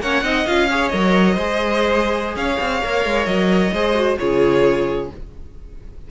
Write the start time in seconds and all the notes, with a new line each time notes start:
0.00 A#3 C#4 C#5 F#5
0.23 C4 D#4 D#5
0.47 C#4 F4 F5
0.70 G#4 C#5
0.89 F#3 A#4 D#5
1.34 G#3 G#4 C5
2.36 C#4 C#5 F5
2.60 C4
2.83 A#3 A#4
3.05 G#3
3.26 F#3 D#5
3.73 G#3 G#4 C5
3.95 F#4
4.18 C#3 F4 G#4 C#5